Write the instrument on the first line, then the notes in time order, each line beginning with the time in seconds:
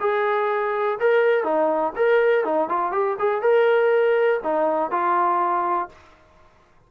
trombone
0.00 G#4
1.00 A#4
1.44 D#4
1.96 A#4
2.44 D#4
2.69 F4
2.92 G4
3.19 G#4
3.42 A#4
4.43 D#4
4.91 F4